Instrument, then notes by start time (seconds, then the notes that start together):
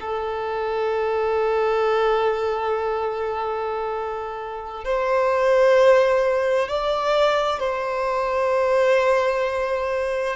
violin
0.00 A4
4.84 C5
6.68 D5
7.59 C5